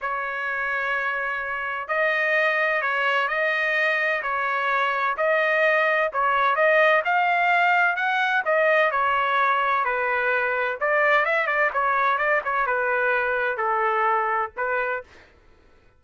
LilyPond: \new Staff \with { instrumentName = "trumpet" } { \time 4/4 \tempo 4 = 128 cis''1 | dis''2 cis''4 dis''4~ | dis''4 cis''2 dis''4~ | dis''4 cis''4 dis''4 f''4~ |
f''4 fis''4 dis''4 cis''4~ | cis''4 b'2 d''4 | e''8 d''8 cis''4 d''8 cis''8 b'4~ | b'4 a'2 b'4 | }